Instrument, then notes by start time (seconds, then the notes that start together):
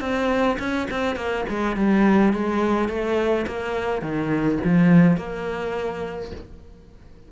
cello
0.00 C4
0.59 C#4
0.90 C4
1.16 A#3
1.49 G#3
1.76 G3
2.33 G#3
2.88 A3
3.47 A#3
4.01 D#3
4.64 F3
5.17 A#3